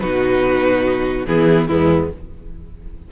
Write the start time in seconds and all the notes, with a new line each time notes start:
0.00 B2 D#4 F#4 B4
1.27 E3 B3 E4 G#4
1.68 E2 G#3 B3 E4